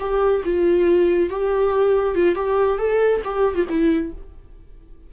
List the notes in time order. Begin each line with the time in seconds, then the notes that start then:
0.00 G4
0.44 F4
1.30 G4
2.15 F4
2.35 G4
2.79 A4
3.25 G4
3.55 F4
3.69 E4